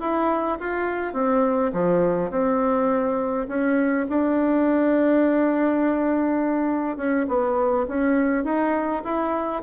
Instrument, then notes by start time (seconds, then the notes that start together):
bassoon
0.00 E4
0.60 F4
1.13 C4
1.73 F3
2.31 C4
3.48 C#4
4.09 D4
6.97 C#4
7.28 B3
7.88 C#4
8.44 D#4
9.04 E4